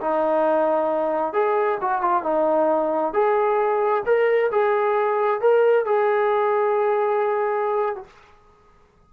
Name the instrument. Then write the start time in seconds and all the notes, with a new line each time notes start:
trombone
0.00 D#4
1.33 G#4
1.81 F#4
2.01 F4
2.23 D#4
3.13 G#4
4.05 A#4
4.51 G#4
5.41 A#4
5.85 G#4
7.95 F#4